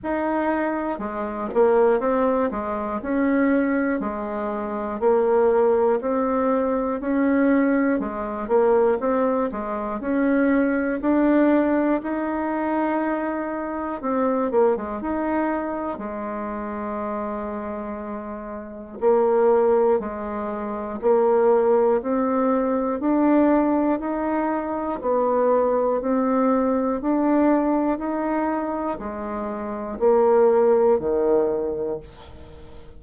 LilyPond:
\new Staff \with { instrumentName = "bassoon" } { \time 4/4 \tempo 4 = 60 dis'4 gis8 ais8 c'8 gis8 cis'4 | gis4 ais4 c'4 cis'4 | gis8 ais8 c'8 gis8 cis'4 d'4 | dis'2 c'8 ais16 gis16 dis'4 |
gis2. ais4 | gis4 ais4 c'4 d'4 | dis'4 b4 c'4 d'4 | dis'4 gis4 ais4 dis4 | }